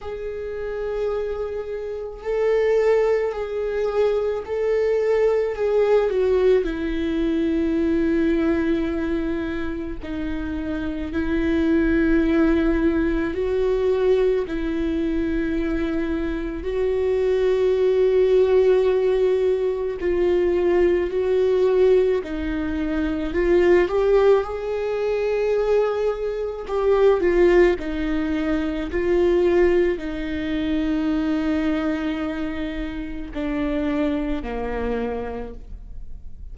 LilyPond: \new Staff \with { instrumentName = "viola" } { \time 4/4 \tempo 4 = 54 gis'2 a'4 gis'4 | a'4 gis'8 fis'8 e'2~ | e'4 dis'4 e'2 | fis'4 e'2 fis'4~ |
fis'2 f'4 fis'4 | dis'4 f'8 g'8 gis'2 | g'8 f'8 dis'4 f'4 dis'4~ | dis'2 d'4 ais4 | }